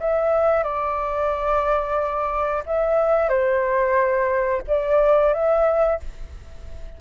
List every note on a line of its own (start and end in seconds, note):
0.00 0.63 E5
0.63 2.63 D5
2.66 3.29 E5
3.29 4.62 C5
4.67 5.33 D5
5.33 6.00 E5